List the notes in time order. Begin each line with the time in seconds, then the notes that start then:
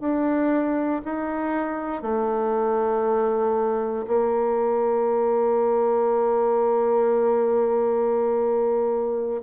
0.00 D4
1.05 D#4
2.02 A3
4.07 A#3